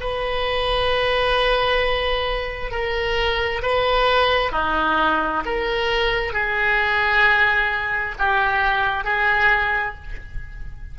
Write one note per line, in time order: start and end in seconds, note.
0.00 2.71 B4
2.71 3.62 A#4
3.62 4.52 B4
4.52 5.43 D#4
5.45 6.33 A#4
6.33 8.15 G#4
8.19 9.04 G4
9.04 9.95 G#4